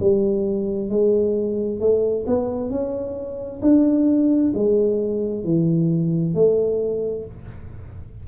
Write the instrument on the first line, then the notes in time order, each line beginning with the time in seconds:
tuba
0.00 G3
0.89 G#3
1.80 A3
2.27 B3
2.70 C#4
3.62 D4
4.55 G#3
5.44 E3
6.34 A3